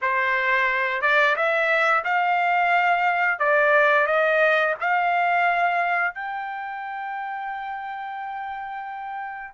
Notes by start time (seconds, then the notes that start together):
0.01 C5
1.01 D5
1.35 E5
2.04 F5
3.39 D5
4.06 D#5
4.80 F5
6.14 G5